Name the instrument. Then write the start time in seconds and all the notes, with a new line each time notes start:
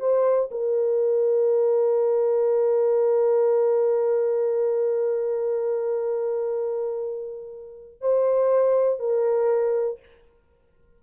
horn
0.00 C5
0.51 A#4
8.01 C5
9.00 A#4